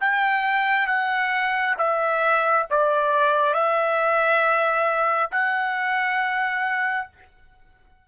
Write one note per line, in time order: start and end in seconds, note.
0.00 0.87 G5
0.87 1.75 F#5
1.78 2.66 E5
2.70 3.53 D5
3.53 5.30 E5
5.31 7.07 F#5